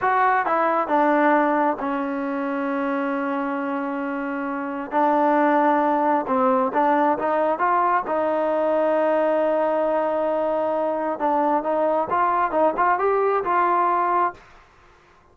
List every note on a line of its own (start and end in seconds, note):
0.01 0.45 F#4
0.46 0.87 E4
0.87 1.77 D4
1.79 4.91 C#4
4.91 6.25 D4
6.27 6.72 C4
6.73 7.18 D4
7.18 7.58 D#4
7.58 8.03 F4
8.07 11.19 D#4
11.19 11.63 D4
11.63 12.08 D#4
12.10 12.51 F4
12.51 12.73 D#4
12.76 12.98 F4
12.98 13.43 G4
13.44 14.33 F4